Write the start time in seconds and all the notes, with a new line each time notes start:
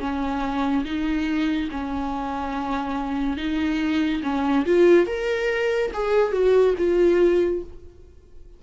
0.00 C#4
0.85 D#4
1.72 C#4
3.38 D#4
4.24 C#4
4.66 F4
5.07 A#4
5.94 G#4
6.33 F#4
6.78 F4